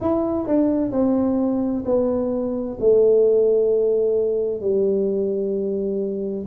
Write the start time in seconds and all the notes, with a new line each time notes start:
0.00 E4
0.46 D4
0.91 C4
1.85 B3
2.79 A3
4.60 G3